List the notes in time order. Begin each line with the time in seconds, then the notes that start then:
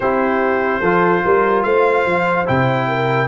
0.00 C4 E4 G4 C5
0.80 F3 F4 A4
1.24 G3 A#4
1.62 A3 C5 F5
2.05 F3
2.45 C3 E4 G5
2.87 A#4